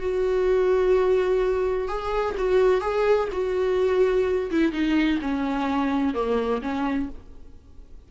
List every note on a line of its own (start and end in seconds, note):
0.00 1.89 F#4
1.89 2.36 G#4
2.38 2.82 F#4
2.82 3.29 G#4
3.33 4.51 F#4
4.51 4.72 E4
4.72 5.20 D#4
5.22 6.14 C#4
6.14 6.62 A#3
6.62 7.10 C#4